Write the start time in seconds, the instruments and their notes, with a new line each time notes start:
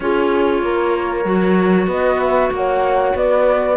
0.00 cello C#4, clarinet F4, horn G#4, flute C#5
0.62 cello A#3, horn A#4
1.24 cello F#3, clarinet F#4
1.87 cello B3, horn B4, flute D#5
2.19 flute E5
2.50 cello A#3, horn C#5, flute F#5
3.14 cello B3, horn B4, flute D5